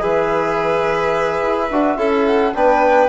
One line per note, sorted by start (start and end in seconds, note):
0.00 1.42 E3
0.00 1.68 G#4
0.00 1.97 B4
0.00 2.26 E5
1.42 1.70 E4
1.71 1.97 D4
1.71 1.97 F#4
1.97 2.53 C#4
1.97 2.54 E4
1.97 2.54 A4
2.26 2.54 F#5
2.54 3.08 B3
2.54 3.08 D4
2.54 3.08 B4
2.54 3.08 G5